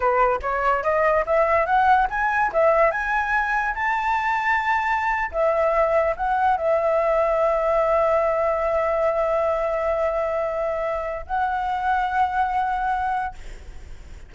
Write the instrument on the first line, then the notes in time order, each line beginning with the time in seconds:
flute
0.00 B4
0.42 C#5
0.83 D#5
1.26 E5
1.66 F#5
2.09 G#5
2.52 E5
2.91 G#5
3.74 A5
5.31 E5
6.16 F#5
6.57 E5
11.26 F#5